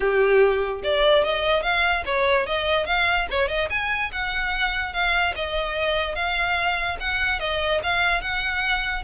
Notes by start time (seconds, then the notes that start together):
0.00 G4
0.83 D5
1.24 D#5
1.62 F5
2.05 C#5
2.46 D#5
2.86 F5
3.30 C#5
3.48 D#5
3.69 G#5
4.12 F#5
4.93 F5
5.35 D#5
6.15 F5
7.00 F#5
7.39 D#5
7.83 F5
8.21 F#5